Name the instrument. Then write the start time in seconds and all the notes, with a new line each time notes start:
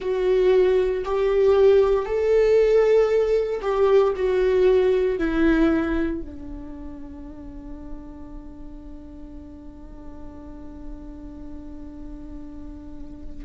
viola
0.00 F#4
1.04 G4
2.05 A4
3.61 G4
4.16 F#4
5.18 E4
6.21 D4